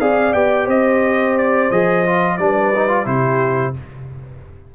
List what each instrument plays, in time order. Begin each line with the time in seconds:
0.00 tuba C4, trombone G#4, horn D5, trumpet F5
0.33 tuba B3, trombone G4, trumpet G5
0.65 tuba C4, horn C5, trumpet D#5
1.38 trumpet D5
1.71 tuba F3, trombone G#4, trumpet D#5
2.07 trombone F4
2.38 tuba G3, trombone D4, horn B4, trumpet D5
2.75 trombone D#4
2.88 trombone F4
3.05 tuba C3, trombone E4, horn G4, trumpet C5